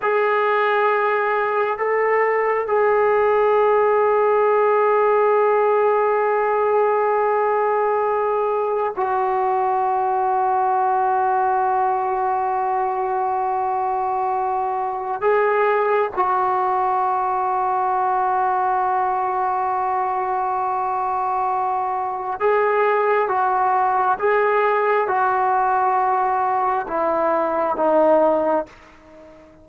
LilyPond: \new Staff \with { instrumentName = "trombone" } { \time 4/4 \tempo 4 = 67 gis'2 a'4 gis'4~ | gis'1~ | gis'2 fis'2~ | fis'1~ |
fis'4 gis'4 fis'2~ | fis'1~ | fis'4 gis'4 fis'4 gis'4 | fis'2 e'4 dis'4 | }